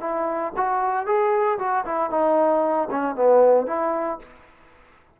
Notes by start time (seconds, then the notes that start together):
0.00 E4
0.56 F#4
1.06 G#4
1.58 F#4
1.85 E4
2.10 D#4
2.90 C#4
3.15 B3
3.66 E4